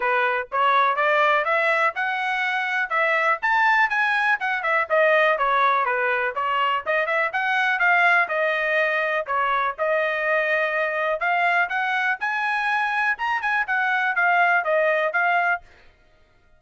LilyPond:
\new Staff \with { instrumentName = "trumpet" } { \time 4/4 \tempo 4 = 123 b'4 cis''4 d''4 e''4 | fis''2 e''4 a''4 | gis''4 fis''8 e''8 dis''4 cis''4 | b'4 cis''4 dis''8 e''8 fis''4 |
f''4 dis''2 cis''4 | dis''2. f''4 | fis''4 gis''2 ais''8 gis''8 | fis''4 f''4 dis''4 f''4 | }